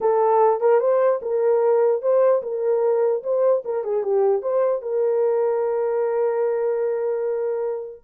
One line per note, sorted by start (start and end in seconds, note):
0.01 0.60 A4
0.60 0.80 A#4
0.80 1.20 C5
1.22 2.01 A#4
2.01 2.42 C5
2.42 3.23 A#4
3.23 3.63 C5
3.64 3.84 A#4
3.84 4.03 G#4
4.03 4.42 G4
4.42 4.82 C5
4.82 8.03 A#4